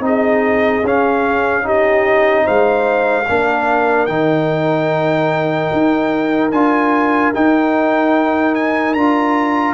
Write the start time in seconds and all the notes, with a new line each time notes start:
0.00 C4 D#4 G#4 D#5
0.84 C#4 F5
1.63 D#4 G4 D#5
2.45 G#3 C5 F5
3.29 A#3 D4 A#4
4.07 D#3 D#4 G5
5.73 D#4
6.52 D4 F4 G#5
7.35 D#4 G5
8.55 G#5
8.94 D4 F4 A#5